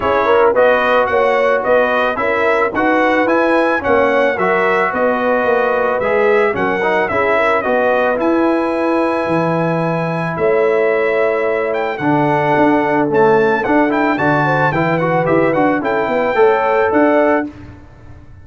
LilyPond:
<<
  \new Staff \with { instrumentName = "trumpet" } { \time 4/4 \tempo 4 = 110 cis''4 dis''4 fis''4 dis''4 | e''4 fis''4 gis''4 fis''4 | e''4 dis''2 e''4 | fis''4 e''4 dis''4 gis''4~ |
gis''2. e''4~ | e''4. g''8 fis''2 | a''4 fis''8 g''8 a''4 g''8 fis''8 | e''8 fis''8 g''2 fis''4 | }
  \new Staff \with { instrumentName = "horn" } { \time 4/4 gis'8 ais'8 b'4 cis''4 b'4 | ais'4 b'2 cis''4 | ais'4 b'2. | ais'4 gis'8 ais'8 b'2~ |
b'2. cis''4~ | cis''2 a'2~ | a'2 d''8 c''8 b'4~ | b'4 a'8 b'8 cis''4 d''4 | }
  \new Staff \with { instrumentName = "trombone" } { \time 4/4 e'4 fis'2. | e'4 fis'4 e'4 cis'4 | fis'2. gis'4 | cis'8 dis'8 e'4 fis'4 e'4~ |
e'1~ | e'2 d'2 | a4 d'8 e'8 fis'4 e'8 fis'8 | g'8 fis'8 e'4 a'2 | }
  \new Staff \with { instrumentName = "tuba" } { \time 4/4 cis'4 b4 ais4 b4 | cis'4 dis'4 e'4 ais4 | fis4 b4 ais4 gis4 | fis4 cis'4 b4 e'4~ |
e'4 e2 a4~ | a2 d4 d'4 | cis'4 d'4 d4 e4 | e'8 d'8 cis'8 b8 a4 d'4 | }
>>